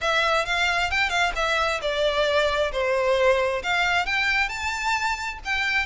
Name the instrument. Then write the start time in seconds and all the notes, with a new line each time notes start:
violin
0.01 E5
0.45 F5
0.90 G5
1.09 F5
1.35 E5
1.81 D5
2.72 C5
3.63 F5
4.05 G5
4.48 A5
5.44 G5